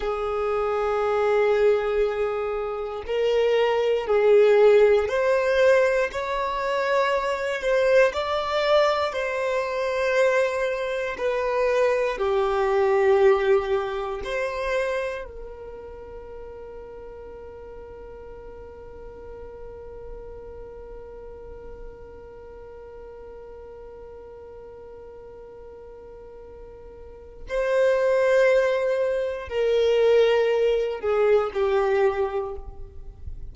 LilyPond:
\new Staff \with { instrumentName = "violin" } { \time 4/4 \tempo 4 = 59 gis'2. ais'4 | gis'4 c''4 cis''4. c''8 | d''4 c''2 b'4 | g'2 c''4 ais'4~ |
ais'1~ | ais'1~ | ais'2. c''4~ | c''4 ais'4. gis'8 g'4 | }